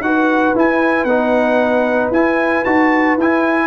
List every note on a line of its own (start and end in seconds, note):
0.00 0.53 D#4
0.00 0.55 F#4
0.00 3.67 B4
0.00 0.54 F#5
0.55 1.08 E4
0.55 1.04 E4
0.55 1.04 G#5
1.04 2.09 B3
1.04 2.13 D#4
1.04 2.10 F#5
2.11 2.63 E4
2.11 2.65 E4
2.11 2.64 G#5
2.64 3.17 D#4
2.64 3.18 F#4
2.64 3.17 A5
3.17 3.67 E4
3.17 3.67 G#5